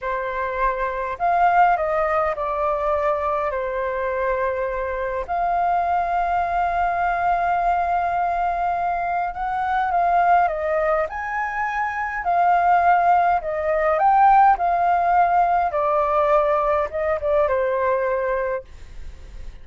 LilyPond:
\new Staff \with { instrumentName = "flute" } { \time 4/4 \tempo 4 = 103 c''2 f''4 dis''4 | d''2 c''2~ | c''4 f''2.~ | f''1 |
fis''4 f''4 dis''4 gis''4~ | gis''4 f''2 dis''4 | g''4 f''2 d''4~ | d''4 dis''8 d''8 c''2 | }